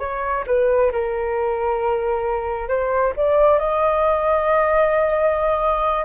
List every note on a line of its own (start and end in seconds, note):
0.00 0.45 C#5
0.47 0.92 B4
0.92 2.69 A#4
2.69 3.13 C5
3.17 3.59 D5
3.59 6.06 D#5